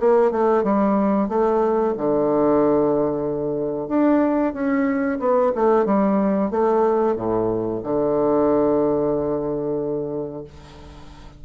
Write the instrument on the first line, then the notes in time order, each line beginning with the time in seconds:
bassoon
0.00 A#3
0.32 A3
0.64 G3
1.29 A3
1.98 D3
3.89 D4
4.54 C#4
5.20 B3
5.55 A3
5.85 G3
6.51 A3
7.16 A2
7.83 D3